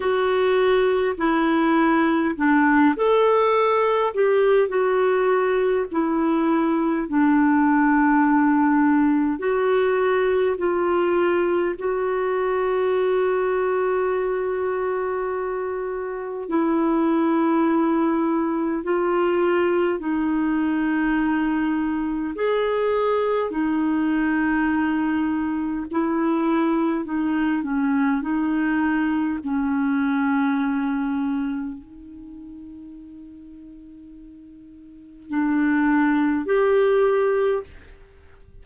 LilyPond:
\new Staff \with { instrumentName = "clarinet" } { \time 4/4 \tempo 4 = 51 fis'4 e'4 d'8 a'4 g'8 | fis'4 e'4 d'2 | fis'4 f'4 fis'2~ | fis'2 e'2 |
f'4 dis'2 gis'4 | dis'2 e'4 dis'8 cis'8 | dis'4 cis'2 dis'4~ | dis'2 d'4 g'4 | }